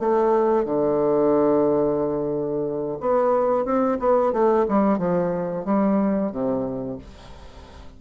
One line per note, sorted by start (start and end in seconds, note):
0.00 0.65 A3
0.65 2.99 D3
3.01 3.65 B3
3.65 3.98 C4
4.00 4.33 B3
4.33 4.66 A3
4.68 4.99 G3
4.99 5.65 F3
5.65 6.32 G3
6.32 6.99 C3